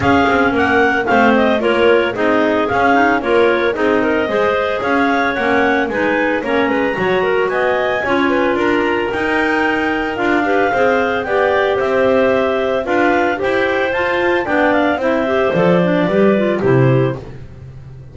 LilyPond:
<<
  \new Staff \with { instrumentName = "clarinet" } { \time 4/4 \tempo 4 = 112 f''4 fis''4 f''8 dis''8 cis''4 | dis''4 f''4 cis''4 dis''4~ | dis''4 f''4 fis''4 gis''4 | ais''2 gis''2 |
ais''4 g''2 f''4~ | f''4 g''4 e''2 | f''4 g''4 a''4 g''8 f''8 | e''4 d''2 c''4 | }
  \new Staff \with { instrumentName = "clarinet" } { \time 4/4 gis'4 ais'4 c''4 ais'4 | gis'2 ais'4 gis'8 ais'8 | c''4 cis''2 b'4 | cis''8 b'8 cis''8 ais'8 dis''4 cis''8 b'8 |
ais'2.~ ais'8 b'8 | c''4 d''4 c''2 | b'4 c''2 d''4 | c''2 b'4 g'4 | }
  \new Staff \with { instrumentName = "clarinet" } { \time 4/4 cis'2 c'4 f'4 | dis'4 cis'8 dis'8 f'4 dis'4 | gis'2 cis'4 dis'4 | cis'4 fis'2 f'4~ |
f'4 dis'2 f'8 g'8 | gis'4 g'2. | f'4 g'4 f'4 d'4 | e'8 g'8 a'8 d'8 g'8 f'8 e'4 | }
  \new Staff \with { instrumentName = "double bass" } { \time 4/4 cis'8 c'8 ais4 a4 ais4 | c'4 cis'4 ais4 c'4 | gis4 cis'4 ais4 gis4 | ais8 gis8 fis4 b4 cis'4 |
d'4 dis'2 d'4 | c'4 b4 c'2 | d'4 e'4 f'4 b4 | c'4 f4 g4 c4 | }
>>